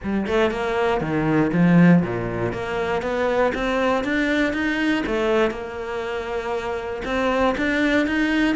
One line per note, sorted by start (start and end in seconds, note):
0.03 0.27 G3
0.27 0.50 A3
0.50 1.01 A#3
1.01 1.51 D#3
1.52 2.02 F3
2.02 2.52 A#2
2.52 3.01 A#3
3.01 3.52 B3
3.54 4.04 C4
4.04 4.53 D4
4.53 5.03 D#4
5.06 5.50 A3
5.50 7.02 A#3
7.04 7.55 C4
7.57 8.06 D4
8.06 8.55 D#4